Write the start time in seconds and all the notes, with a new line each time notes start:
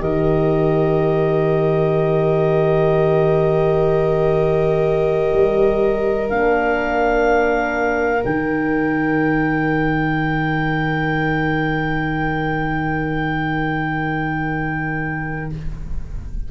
0.00 D#3 G4 A#4 D#5
5.34 G3
6.29 A#3 D4 F5
8.23 D#3 D#4 G5